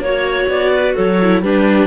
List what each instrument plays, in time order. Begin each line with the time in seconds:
0.00 cello A#3, viola F#4, clarinet C#5
0.48 cello B3, clarinet D5
0.74 clarinet B4
0.96 cello F#3, clarinet A4 C#5
1.22 viola E4
1.42 cello G3, viola D4, clarinet G4 B4